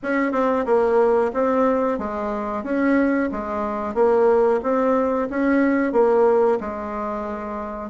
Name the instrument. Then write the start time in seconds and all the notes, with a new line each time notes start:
bassoon
0.02 C#4
0.32 C4
0.65 A#3
1.33 C4
1.98 G#3
2.63 C#4
3.31 G#3
3.94 A#3
4.62 C4
5.30 C#4
5.92 A#3
6.60 G#3